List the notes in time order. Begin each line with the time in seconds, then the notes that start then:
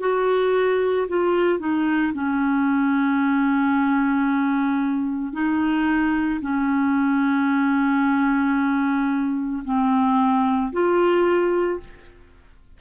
0.00 F#4
1.08 F4
1.59 D#4
2.14 C#4
5.33 D#4
6.41 C#4
9.65 C4
10.72 F4